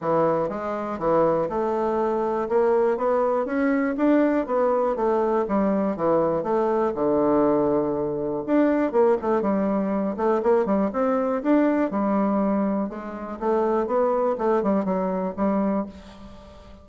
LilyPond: \new Staff \with { instrumentName = "bassoon" } { \time 4/4 \tempo 4 = 121 e4 gis4 e4 a4~ | a4 ais4 b4 cis'4 | d'4 b4 a4 g4 | e4 a4 d2~ |
d4 d'4 ais8 a8 g4~ | g8 a8 ais8 g8 c'4 d'4 | g2 gis4 a4 | b4 a8 g8 fis4 g4 | }